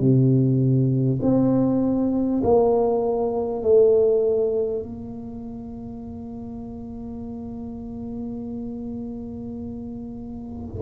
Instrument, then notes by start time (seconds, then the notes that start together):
tuba
0.00 C3
1.22 C4
2.44 A#3
3.63 A3
4.83 A#3